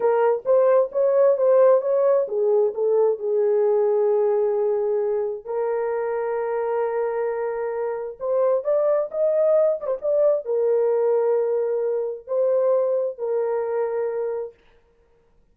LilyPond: \new Staff \with { instrumentName = "horn" } { \time 4/4 \tempo 4 = 132 ais'4 c''4 cis''4 c''4 | cis''4 gis'4 a'4 gis'4~ | gis'1 | ais'1~ |
ais'2 c''4 d''4 | dis''4. d''16 c''16 d''4 ais'4~ | ais'2. c''4~ | c''4 ais'2. | }